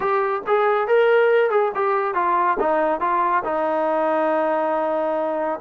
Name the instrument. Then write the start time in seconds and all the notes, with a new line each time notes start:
trombone
0.00 G4
0.47 G#4
0.87 A#4
1.50 G#4
1.74 G4
2.14 F4
2.59 D#4
3.00 F4
3.44 D#4